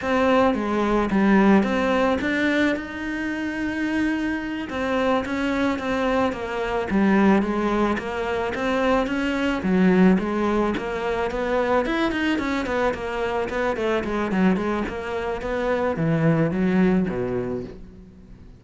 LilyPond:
\new Staff \with { instrumentName = "cello" } { \time 4/4 \tempo 4 = 109 c'4 gis4 g4 c'4 | d'4 dis'2.~ | dis'8 c'4 cis'4 c'4 ais8~ | ais8 g4 gis4 ais4 c'8~ |
c'8 cis'4 fis4 gis4 ais8~ | ais8 b4 e'8 dis'8 cis'8 b8 ais8~ | ais8 b8 a8 gis8 fis8 gis8 ais4 | b4 e4 fis4 b,4 | }